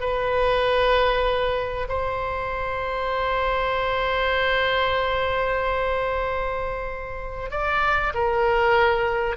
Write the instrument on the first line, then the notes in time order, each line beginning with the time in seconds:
oboe
0.00 B4
1.89 C5
7.50 D5
8.14 A#4